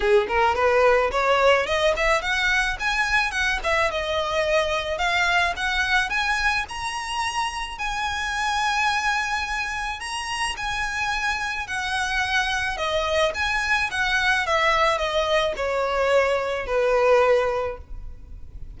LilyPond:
\new Staff \with { instrumentName = "violin" } { \time 4/4 \tempo 4 = 108 gis'8 ais'8 b'4 cis''4 dis''8 e''8 | fis''4 gis''4 fis''8 e''8 dis''4~ | dis''4 f''4 fis''4 gis''4 | ais''2 gis''2~ |
gis''2 ais''4 gis''4~ | gis''4 fis''2 dis''4 | gis''4 fis''4 e''4 dis''4 | cis''2 b'2 | }